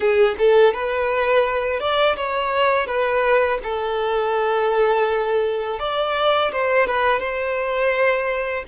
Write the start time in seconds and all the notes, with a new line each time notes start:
0.00 G#4
0.38 A4
0.73 B4
1.79 D5
2.16 C#5
2.86 B4
3.63 A4
5.79 D5
6.52 C5
6.86 B4
7.19 C5